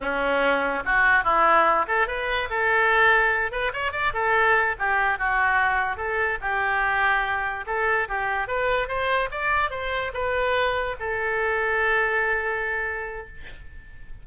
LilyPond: \new Staff \with { instrumentName = "oboe" } { \time 4/4 \tempo 4 = 145 cis'2 fis'4 e'4~ | e'8 a'8 b'4 a'2~ | a'8 b'8 cis''8 d''8 a'4. g'8~ | g'8 fis'2 a'4 g'8~ |
g'2~ g'8 a'4 g'8~ | g'8 b'4 c''4 d''4 c''8~ | c''8 b'2 a'4.~ | a'1 | }